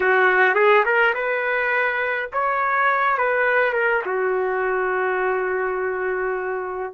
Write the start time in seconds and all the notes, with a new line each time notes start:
0.00 F#4
0.55 G#4
0.85 A#4
1.14 B4
2.32 C#5
3.18 B4
3.73 A#4
4.05 F#4